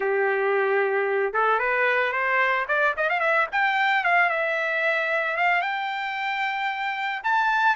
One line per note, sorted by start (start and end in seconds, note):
0.00 1.33 G4
1.33 1.59 A4
1.59 2.12 B4
2.12 2.65 C5
2.68 2.94 D5
2.96 3.09 D#5
3.09 3.19 F5
3.19 3.46 E5
3.52 4.03 G5
4.03 4.29 F5
4.29 5.36 E5
5.36 5.61 F5
5.61 7.22 G5
7.23 7.75 A5